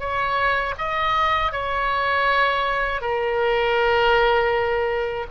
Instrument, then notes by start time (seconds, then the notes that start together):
oboe
0.00 C#5
0.78 D#5
1.53 C#5
3.02 A#4